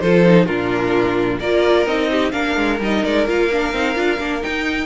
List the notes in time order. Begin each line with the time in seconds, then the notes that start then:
0.00 F3 F4 A4 C5
0.25 D#4
0.46 A#2 D4 F4 A#4
1.40 A#3 F4 A#4 D5
1.86 C4 D#4 D#5
2.11 G4
2.32 A#3 D4 A#4 F5
2.56 G#3
2.80 G3 D#4 D#5
3.04 G#3 D5
3.28 A#3 F4 F5
3.52 D4
3.73 C4 D#4
3.95 D4 F4
4.19 A#3 D4
4.41 D#4 G5